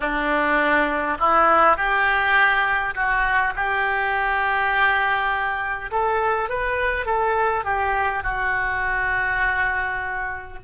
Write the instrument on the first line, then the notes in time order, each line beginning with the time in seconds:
oboe
0.00 D4
1.19 E4
1.76 G4
2.94 F#4
3.55 G4
5.91 A4
6.49 B4
7.05 A4
7.64 G4
8.23 F#4